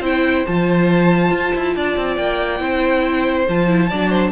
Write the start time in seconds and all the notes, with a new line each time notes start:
0.00 C4 E4 C5 G5
0.46 F3 F4 A5
1.31 F4
1.55 E4
1.76 D4 D5
1.97 C4
2.16 A#3 G5
2.59 C4 E4 C5
3.49 F3 F4 A5
3.68 E4
3.90 F#3 D4 D5
4.09 C5